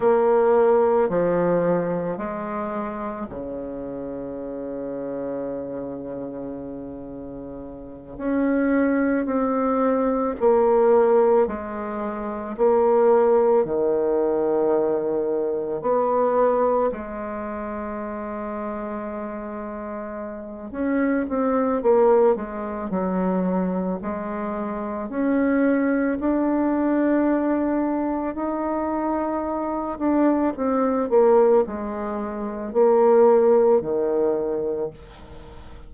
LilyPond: \new Staff \with { instrumentName = "bassoon" } { \time 4/4 \tempo 4 = 55 ais4 f4 gis4 cis4~ | cis2.~ cis8 cis'8~ | cis'8 c'4 ais4 gis4 ais8~ | ais8 dis2 b4 gis8~ |
gis2. cis'8 c'8 | ais8 gis8 fis4 gis4 cis'4 | d'2 dis'4. d'8 | c'8 ais8 gis4 ais4 dis4 | }